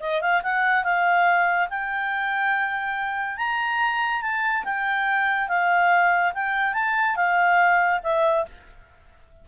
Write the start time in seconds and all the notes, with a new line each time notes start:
0.00 D#5
0.21 F5
0.43 F#5
0.84 F5
1.70 G5
3.37 A#5
4.22 A5
4.65 G5
5.49 F5
6.34 G5
6.74 A5
7.16 F5
8.03 E5